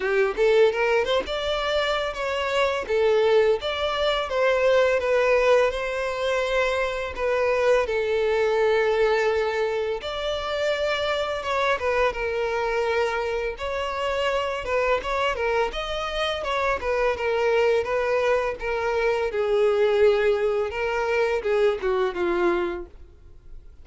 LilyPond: \new Staff \with { instrumentName = "violin" } { \time 4/4 \tempo 4 = 84 g'8 a'8 ais'8 c''16 d''4~ d''16 cis''4 | a'4 d''4 c''4 b'4 | c''2 b'4 a'4~ | a'2 d''2 |
cis''8 b'8 ais'2 cis''4~ | cis''8 b'8 cis''8 ais'8 dis''4 cis''8 b'8 | ais'4 b'4 ais'4 gis'4~ | gis'4 ais'4 gis'8 fis'8 f'4 | }